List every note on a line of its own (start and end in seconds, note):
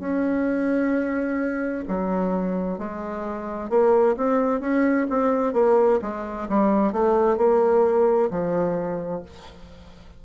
0.00 1.85 C#4
1.89 2.79 F#3
2.79 3.70 G#3
3.70 4.16 A#3
4.17 4.61 C4
4.61 5.07 C#4
5.10 5.54 C4
5.54 6.00 A#3
6.02 6.48 G#3
6.49 6.93 G3
6.93 7.38 A3
7.38 8.30 A#3
8.31 9.23 F3